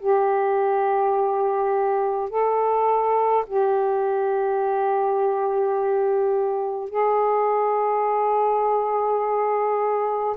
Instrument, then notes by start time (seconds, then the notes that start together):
saxophone
0.00 G4
2.30 A4
3.47 G4
6.90 G#4